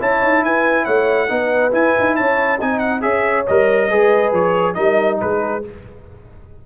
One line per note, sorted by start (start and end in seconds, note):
0.00 0.22 C#4
0.00 1.29 E4
0.00 0.43 C#5
0.00 0.45 A5
0.22 0.43 D#4
0.43 0.87 E4
0.43 0.85 B4
0.43 0.86 G#5
0.85 1.30 A3
0.85 1.28 C#5
0.85 1.72 F#5
1.29 1.73 B3
1.29 1.72 D#4
1.29 2.17 B4
1.72 2.59 E4
1.72 1.95 E4
1.72 2.16 G#5
2.00 2.21 D#4
2.16 2.61 C#4
2.16 2.59 C#5
2.16 2.60 A5
2.59 3.04 C4
2.59 3.02 D#4
2.59 3.02 D#5
2.59 2.80 G#5
2.80 3.01 F#5
3.02 3.48 C#4
3.02 3.45 G#4
3.02 3.89 C#5
3.02 3.46 E5
3.47 3.92 G3
3.47 3.91 A#4
3.47 4.34 D#5
3.89 4.33 G#3
3.89 4.75 G#4
3.89 4.76 B4
4.33 4.76 F3
4.33 4.75 C#5
4.75 5.22 G3
4.75 5.62 D#4
4.75 5.19 A#4
4.75 5.18 D#5
5.21 5.66 G#3
5.21 5.67 G#4
5.21 5.65 B4